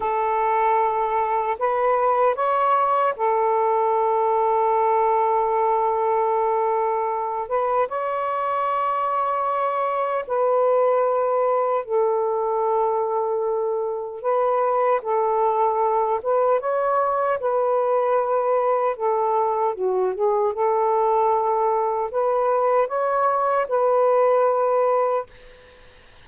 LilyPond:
\new Staff \with { instrumentName = "saxophone" } { \time 4/4 \tempo 4 = 76 a'2 b'4 cis''4 | a'1~ | a'4. b'8 cis''2~ | cis''4 b'2 a'4~ |
a'2 b'4 a'4~ | a'8 b'8 cis''4 b'2 | a'4 fis'8 gis'8 a'2 | b'4 cis''4 b'2 | }